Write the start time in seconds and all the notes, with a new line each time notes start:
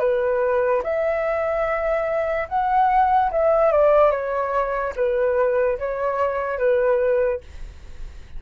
0.00 B4
0.84 E5
2.49 F#5
3.32 E5
3.72 D5
4.11 C#5
4.96 B4
5.79 C#5
6.59 B4